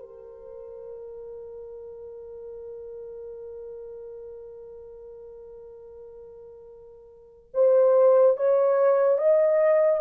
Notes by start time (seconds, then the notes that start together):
0.00 A#4
7.54 C5
8.37 C#5
9.18 D#5